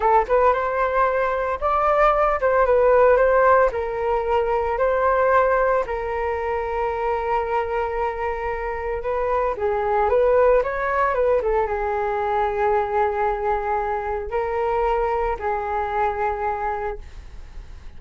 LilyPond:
\new Staff \with { instrumentName = "flute" } { \time 4/4 \tempo 4 = 113 a'8 b'8 c''2 d''4~ | d''8 c''8 b'4 c''4 ais'4~ | ais'4 c''2 ais'4~ | ais'1~ |
ais'4 b'4 gis'4 b'4 | cis''4 b'8 a'8 gis'2~ | gis'2. ais'4~ | ais'4 gis'2. | }